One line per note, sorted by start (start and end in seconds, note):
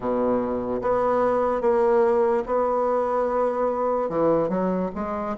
0.00 0.81 B2
0.81 1.61 B3
1.61 2.43 A#3
2.46 4.09 B3
4.09 4.48 E3
4.48 4.89 F#3
4.95 5.36 G#3